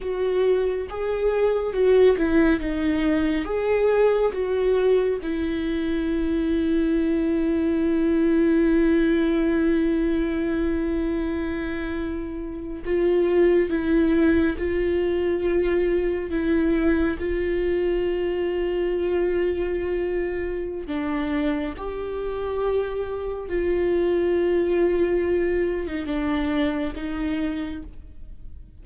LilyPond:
\new Staff \with { instrumentName = "viola" } { \time 4/4 \tempo 4 = 69 fis'4 gis'4 fis'8 e'8 dis'4 | gis'4 fis'4 e'2~ | e'1~ | e'2~ e'8. f'4 e'16~ |
e'8. f'2 e'4 f'16~ | f'1 | d'4 g'2 f'4~ | f'4.~ f'16 dis'16 d'4 dis'4 | }